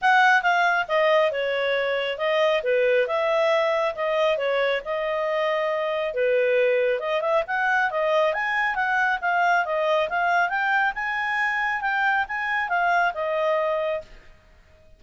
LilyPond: \new Staff \with { instrumentName = "clarinet" } { \time 4/4 \tempo 4 = 137 fis''4 f''4 dis''4 cis''4~ | cis''4 dis''4 b'4 e''4~ | e''4 dis''4 cis''4 dis''4~ | dis''2 b'2 |
dis''8 e''8 fis''4 dis''4 gis''4 | fis''4 f''4 dis''4 f''4 | g''4 gis''2 g''4 | gis''4 f''4 dis''2 | }